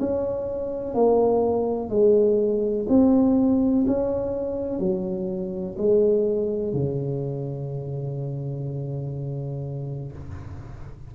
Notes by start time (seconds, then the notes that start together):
0.00 C#4
0.95 A#3
1.90 G#3
2.89 C4
3.88 C#4
4.79 F#3
5.78 G#3
6.73 C#3